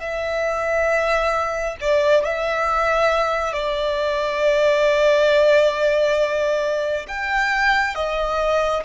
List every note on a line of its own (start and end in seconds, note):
0.00 1.76 E5
1.81 2.25 D5
2.25 3.53 E5
3.53 7.06 D5
7.08 7.95 G5
7.95 8.84 D#5